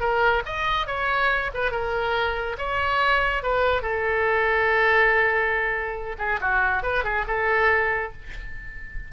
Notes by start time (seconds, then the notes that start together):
0.00 A#4
0.45 D#5
0.87 C#5
1.54 B4
1.71 A#4
2.58 C#5
3.42 B4
3.82 A4
6.18 G#4
6.41 F#4
6.83 B4
7.03 G#4
7.27 A4